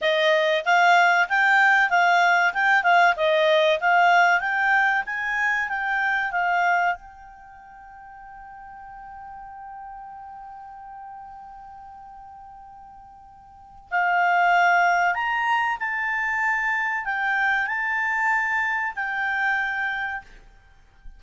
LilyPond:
\new Staff \with { instrumentName = "clarinet" } { \time 4/4 \tempo 4 = 95 dis''4 f''4 g''4 f''4 | g''8 f''8 dis''4 f''4 g''4 | gis''4 g''4 f''4 g''4~ | g''1~ |
g''1~ | g''2 f''2 | ais''4 a''2 g''4 | a''2 g''2 | }